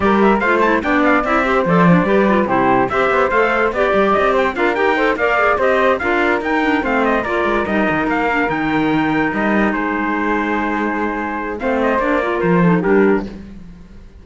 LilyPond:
<<
  \new Staff \with { instrumentName = "trumpet" } { \time 4/4 \tempo 4 = 145 d''8 e''8 f''8 a''8 g''8 f''8 e''4 | d''2 c''4 e''4 | f''4 d''4 dis''8 g''8 f''8 g''8~ | g''8 f''4 dis''4 f''4 g''8~ |
g''8 f''8 dis''8 d''4 dis''4 f''8~ | f''8 g''2 dis''4 c''8~ | c''1 | f''8 dis''8 d''4 c''4 ais'4 | }
  \new Staff \with { instrumentName = "flute" } { \time 4/4 ais'4 c''4 d''4. c''8~ | c''4 b'4 g'4 c''4~ | c''4 d''4. c''8 ais'4 | c''8 d''4 c''4 ais'4.~ |
ais'8 c''4 ais'2~ ais'8~ | ais'2.~ ais'8 gis'8~ | gis'1 | c''4. ais'4 a'8 g'4 | }
  \new Staff \with { instrumentName = "clarinet" } { \time 4/4 g'4 f'8 e'8 d'4 e'8 g'8 | a'8 d'8 g'8 f'8 e'4 g'4 | a'4 g'2 f'8 g'8 | a'8 ais'8 gis'8 g'4 f'4 dis'8 |
d'8 c'4 f'4 dis'4. | d'8 dis'2.~ dis'8~ | dis'1 | c'4 d'8 f'4 dis'8 d'4 | }
  \new Staff \with { instrumentName = "cello" } { \time 4/4 g4 a4 b4 c'4 | f4 g4 c4 c'8 b8 | a4 b8 g8 c'4 d'8 dis'8~ | dis'8 ais4 c'4 d'4 dis'8~ |
dis'8 a4 ais8 gis8 g8 dis8 ais8~ | ais8 dis2 g4 gis8~ | gis1 | a4 ais4 f4 g4 | }
>>